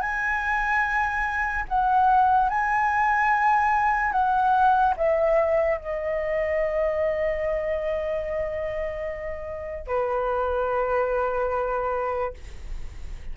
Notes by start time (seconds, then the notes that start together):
0.00 G#5
1.68 F#5
2.49 G#5
4.12 F#5
4.97 E5
5.78 D#5
9.87 B4